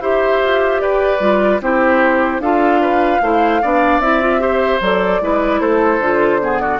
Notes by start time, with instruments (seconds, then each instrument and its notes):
0.00 bassoon E4, clarinet G4, oboe C5, flute E5
0.43 bassoon F4
0.80 bassoon G4, oboe B4, flute D5
1.20 bassoon G3, clarinet F4
1.61 bassoon C4, clarinet E4, oboe G4, flute C5
2.39 bassoon D4, clarinet F4, oboe A4, flute F5
2.82 oboe B4
3.22 bassoon A3, clarinet E4, oboe C5
3.62 bassoon B3, clarinet D4, oboe D5
3.99 bassoon C4, clarinet E4, flute E5
4.21 clarinet F4
4.39 clarinet G4, oboe C5
4.81 bassoon F#3, clarinet A4, flute D5
5.21 bassoon G#3, clarinet E4, oboe B4
5.60 bassoon A3, oboe A4, flute C5
5.99 bassoon D3, clarinet F4
6.41 clarinet B3, oboe G#4
6.59 oboe F#4, flute D5